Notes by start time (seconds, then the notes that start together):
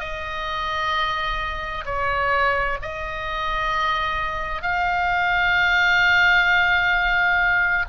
0.00 D#5
1.85 C#5
2.82 D#5
4.62 F5